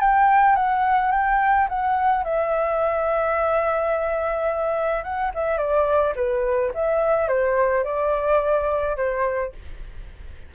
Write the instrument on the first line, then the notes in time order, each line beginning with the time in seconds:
flute
0.00 G5
0.55 F#5
1.11 G5
1.68 F#5
2.24 E5
5.03 F#5
5.34 E5
5.57 D5
6.16 B4
6.74 E5
7.28 C5
7.84 D5
8.96 C5